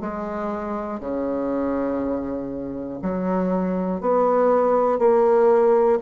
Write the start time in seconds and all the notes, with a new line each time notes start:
0.00 G#3
1.00 C#3
3.02 F#3
4.00 B3
4.98 A#3